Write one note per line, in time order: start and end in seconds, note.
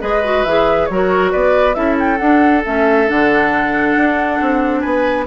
0.00 0.45 G#3
0.00 0.22 G#4
0.00 0.88 B4
0.00 0.44 D#5
0.24 0.46 F#4
0.44 0.89 E3
0.44 0.91 G#4
0.44 0.86 E5
0.86 1.34 F#3
0.86 1.74 F#4
0.86 1.30 C#5
0.92 1.32 A#4
1.32 1.76 B3
1.32 1.76 B4
1.32 1.74 D5
1.74 2.20 C#4
1.74 2.18 E4
1.74 4.81 A4
1.74 1.96 E5
1.99 2.18 G5
2.18 2.63 D4
2.18 2.64 D4
2.18 2.61 F#5
2.63 3.10 A3
2.63 3.07 C#4
2.63 3.09 E5
3.07 3.96 D3
3.07 5.26 D4
3.07 4.80 F#5
3.96 4.40 D4
4.41 4.84 C4
4.80 5.27 B3
4.80 5.24 B4
4.80 5.24 G#5